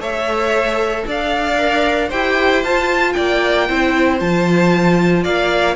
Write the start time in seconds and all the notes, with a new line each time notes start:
0.00 A3 A4 C#5 E5
1.07 D4 D5 F5
1.57 A#4
2.08 E4 G4 C5 G5
2.63 F4 A5
3.12 A#3 D5 G5
3.68 C4 E4 C5
4.20 F3 F4 A5
5.23 A#3 D5 F5